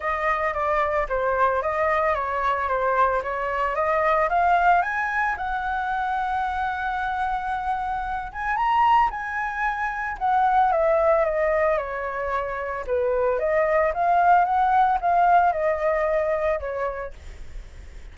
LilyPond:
\new Staff \with { instrumentName = "flute" } { \time 4/4 \tempo 4 = 112 dis''4 d''4 c''4 dis''4 | cis''4 c''4 cis''4 dis''4 | f''4 gis''4 fis''2~ | fis''2.~ fis''8 gis''8 |
ais''4 gis''2 fis''4 | e''4 dis''4 cis''2 | b'4 dis''4 f''4 fis''4 | f''4 dis''2 cis''4 | }